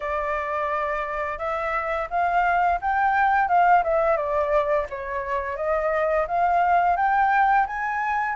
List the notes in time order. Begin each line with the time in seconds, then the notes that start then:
0.00 D5
1.38 E5
2.10 F5
2.81 G5
3.48 F5
3.83 E5
4.17 D5
4.89 C#5
5.56 D#5
6.27 F5
6.96 G5
7.66 G#5